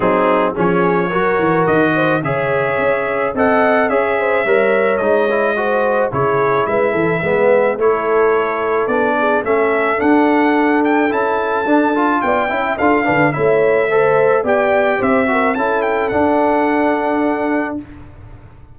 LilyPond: <<
  \new Staff \with { instrumentName = "trumpet" } { \time 4/4 \tempo 4 = 108 gis'4 cis''2 dis''4 | e''2 fis''4 e''4~ | e''4 dis''2 cis''4 | e''2 cis''2 |
d''4 e''4 fis''4. g''8 | a''2 g''4 f''4 | e''2 g''4 e''4 | a''8 g''8 fis''2. | }
  \new Staff \with { instrumentName = "horn" } { \time 4/4 dis'4 gis'4 ais'4. c''8 | cis''2 dis''4 cis''8 c''8 | cis''2 c''4 gis'4 | b'8 a'8 b'4 a'2~ |
a'8 gis'8 a'2.~ | a'2 d''8 e''8 a'8 b'8 | cis''4 c''4 d''4 c''8 ais'8 | a'1 | }
  \new Staff \with { instrumentName = "trombone" } { \time 4/4 c'4 cis'4 fis'2 | gis'2 a'4 gis'4 | ais'4 dis'8 e'8 fis'4 e'4~ | e'4 b4 e'2 |
d'4 cis'4 d'2 | e'4 d'8 f'4 e'8 f'8 d'8 | e'4 a'4 g'4. fis'8 | e'4 d'2. | }
  \new Staff \with { instrumentName = "tuba" } { \time 4/4 fis4 f4 fis8 e8 dis4 | cis4 cis'4 c'4 cis'4 | g4 gis2 cis4 | gis8 e8 gis4 a2 |
b4 a4 d'2 | cis'4 d'4 b8 cis'8 d'8 d8 | a2 b4 c'4 | cis'4 d'2. | }
>>